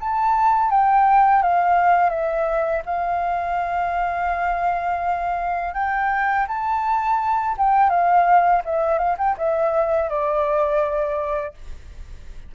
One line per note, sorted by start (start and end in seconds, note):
0.00 0.70 A5
0.70 1.43 G5
1.43 2.10 F5
2.10 2.82 E5
2.86 5.74 F5
5.74 6.46 G5
6.48 7.56 A5
7.58 7.90 G5
7.90 8.62 F5
8.65 8.98 E5
8.98 9.16 F5
9.18 9.36 G5
9.38 10.09 E5
10.09 11.54 D5